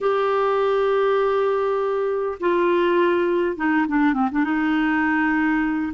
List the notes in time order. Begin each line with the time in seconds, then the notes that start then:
0.00 G4
2.40 F4
3.56 D#4
3.87 D4
4.13 C4
4.31 D4
4.44 D#4